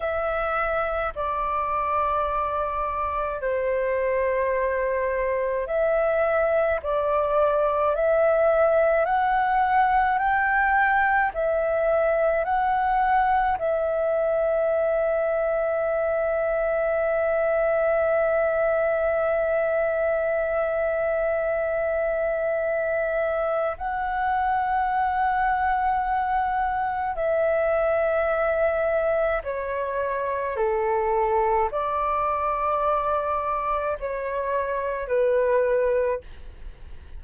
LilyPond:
\new Staff \with { instrumentName = "flute" } { \time 4/4 \tempo 4 = 53 e''4 d''2 c''4~ | c''4 e''4 d''4 e''4 | fis''4 g''4 e''4 fis''4 | e''1~ |
e''1~ | e''4 fis''2. | e''2 cis''4 a'4 | d''2 cis''4 b'4 | }